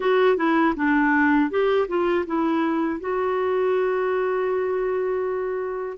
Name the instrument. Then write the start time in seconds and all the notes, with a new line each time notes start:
clarinet
0.00 F#4
0.36 E4
0.76 D4
1.50 G4
1.88 F4
2.26 E4
3.00 F#4